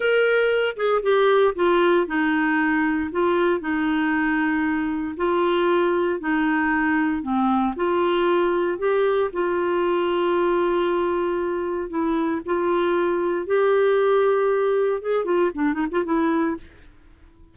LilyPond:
\new Staff \with { instrumentName = "clarinet" } { \time 4/4 \tempo 4 = 116 ais'4. gis'8 g'4 f'4 | dis'2 f'4 dis'4~ | dis'2 f'2 | dis'2 c'4 f'4~ |
f'4 g'4 f'2~ | f'2. e'4 | f'2 g'2~ | g'4 gis'8 f'8 d'8 dis'16 f'16 e'4 | }